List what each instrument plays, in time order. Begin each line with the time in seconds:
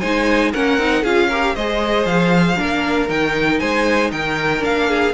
0.00 cello G#3, viola D#4, violin C5 G#5
0.52 cello A#3, viola C#4, violin A#4 F#5
0.77 cello C4, viola D#4
1.02 cello C#4, viola F4, violin G#4 F5
1.28 viola G4, violin A#4
1.55 cello G#3, viola G#4, violin C5 D#5
2.05 cello F3, violin F5
2.57 cello A#3, viola D4, violin A#4
3.08 cello D#3, viola D#4, violin G5
3.59 cello G#3, violin C5 G#5
4.12 cello D#3, violin A#4 G5
4.60 cello A#3, viola D4, violin F5
4.89 violin G#4